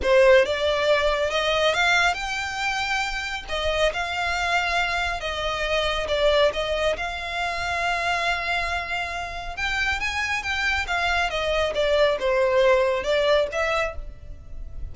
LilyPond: \new Staff \with { instrumentName = "violin" } { \time 4/4 \tempo 4 = 138 c''4 d''2 dis''4 | f''4 g''2. | dis''4 f''2. | dis''2 d''4 dis''4 |
f''1~ | f''2 g''4 gis''4 | g''4 f''4 dis''4 d''4 | c''2 d''4 e''4 | }